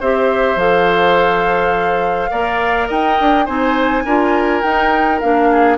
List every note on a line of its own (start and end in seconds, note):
0.00 0.56 C4
0.00 0.58 G4
0.00 2.31 C5
0.00 0.59 E5
0.56 2.29 F3
0.56 2.30 A4
0.56 2.89 F5
2.30 2.90 A#3
2.30 3.46 A#4
2.30 2.88 D5
2.88 3.19 D#4
2.88 3.46 D#5
2.88 3.47 G5
3.20 3.48 D4
3.46 4.05 C4
3.46 4.05 D#4
3.46 4.03 C5
3.46 4.61 G#5
4.05 4.63 D4
4.05 4.63 F4
4.05 5.49 A#4
4.61 5.21 D#4
4.61 5.22 D#4
4.61 5.19 G5
5.20 5.78 A#3
5.20 5.78 D4
5.20 5.78 F5
5.52 5.78 G#4